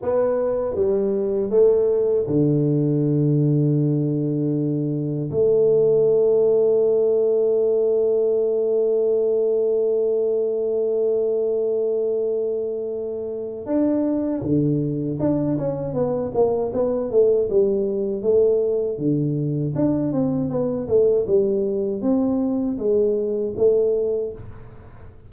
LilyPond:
\new Staff \with { instrumentName = "tuba" } { \time 4/4 \tempo 4 = 79 b4 g4 a4 d4~ | d2. a4~ | a1~ | a1~ |
a2 d'4 d4 | d'8 cis'8 b8 ais8 b8 a8 g4 | a4 d4 d'8 c'8 b8 a8 | g4 c'4 gis4 a4 | }